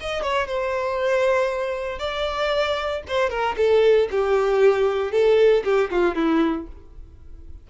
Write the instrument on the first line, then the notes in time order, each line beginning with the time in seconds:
violin
0.00 D#5
0.23 C#5
0.47 C5
1.99 D5
3.08 C5
3.30 A#4
3.57 A4
4.11 G4
5.12 A4
5.64 G4
5.91 F4
6.15 E4